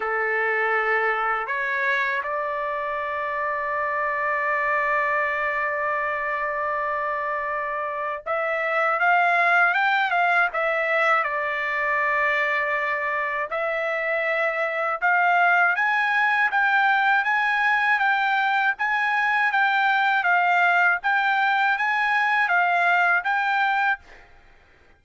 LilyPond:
\new Staff \with { instrumentName = "trumpet" } { \time 4/4 \tempo 4 = 80 a'2 cis''4 d''4~ | d''1~ | d''2. e''4 | f''4 g''8 f''8 e''4 d''4~ |
d''2 e''2 | f''4 gis''4 g''4 gis''4 | g''4 gis''4 g''4 f''4 | g''4 gis''4 f''4 g''4 | }